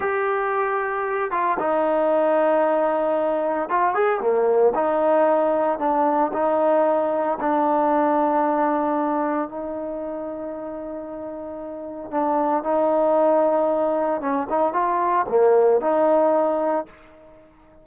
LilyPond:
\new Staff \with { instrumentName = "trombone" } { \time 4/4 \tempo 4 = 114 g'2~ g'8 f'8 dis'4~ | dis'2. f'8 gis'8 | ais4 dis'2 d'4 | dis'2 d'2~ |
d'2 dis'2~ | dis'2. d'4 | dis'2. cis'8 dis'8 | f'4 ais4 dis'2 | }